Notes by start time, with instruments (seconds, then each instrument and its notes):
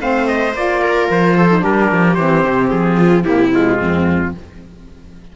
0.00 cello A3, saxophone C4, viola C5, trumpet F5
0.28 trumpet D#5
0.54 cello A#3, saxophone F4, trumpet D5
0.82 viola A#4
1.11 cello F3, trumpet C5
1.37 viola A4
1.50 saxophone D#4
1.60 cello G3, saxophone D4, viola G4, trumpet A#4
1.92 cello F3
2.15 cello E3, saxophone C4, trumpet C5
2.45 cello C3
2.70 cello F3, trumpet G#4
2.97 viola F4
3.24 cello C3, saxophone A#3, viola E4, trumpet G4
3.50 saxophone G#3, trumpet F4
3.79 cello F2, viola C4